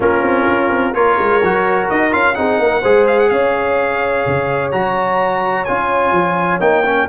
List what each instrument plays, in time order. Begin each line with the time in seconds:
0.00 tuba A#3, trombone C#4, horn F4, trumpet A#4
0.22 tuba C4
0.48 tuba C#4
0.70 tuba C4
0.93 tuba A#3, trombone F4, horn A#4, trumpet C#5
1.18 tuba G#3
1.42 tuba F#3, trombone F#4
1.89 tuba D#4, trumpet D#5
2.10 tuba C#4, trombone F4, trumpet F5
2.34 tuba C4, trombone D#4, horn G#4, trumpet F#5
2.58 tuba A#3, horn A#4
2.81 tuba G#3, trombone G#4, horn C5
3.07 trumpet F5
3.19 trumpet F#5
3.29 tuba C#4, horn C#5, trumpet F5
4.26 tuba C#3
4.71 tuba F#3, trombone F#4, trumpet A#5
5.64 tuba C#4, trombone F4, trumpet G#5
6.11 tuba F3
6.60 tuba A#3, trombone D#4, trumpet G5
6.85 trombone C#4